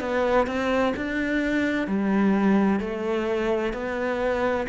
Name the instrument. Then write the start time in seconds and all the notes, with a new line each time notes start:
cello
0.00 B3
0.47 C4
0.97 D4
1.87 G3
2.80 A3
3.73 B3